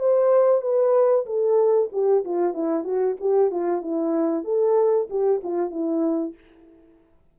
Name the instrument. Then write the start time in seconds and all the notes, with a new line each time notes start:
horn
0.00 C5
0.62 B4
1.26 A4
1.93 G4
2.25 F4
2.54 E4
2.85 F#4
3.21 G4
3.51 F4
3.82 E4
4.44 A4
5.10 G4
5.44 F4
5.71 E4